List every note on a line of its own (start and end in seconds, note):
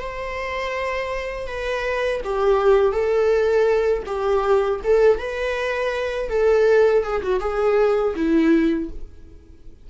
0.00 1.47 C5
1.47 2.21 B4
2.24 2.93 G4
2.93 4.04 A4
4.06 4.80 G4
4.84 5.18 A4
5.18 6.29 B4
6.29 7.03 A4
7.04 7.22 G#4
7.23 7.40 F#4
7.40 8.14 G#4
8.16 8.90 E4